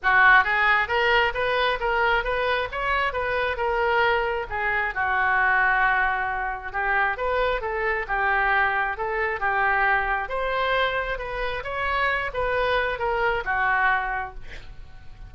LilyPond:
\new Staff \with { instrumentName = "oboe" } { \time 4/4 \tempo 4 = 134 fis'4 gis'4 ais'4 b'4 | ais'4 b'4 cis''4 b'4 | ais'2 gis'4 fis'4~ | fis'2. g'4 |
b'4 a'4 g'2 | a'4 g'2 c''4~ | c''4 b'4 cis''4. b'8~ | b'4 ais'4 fis'2 | }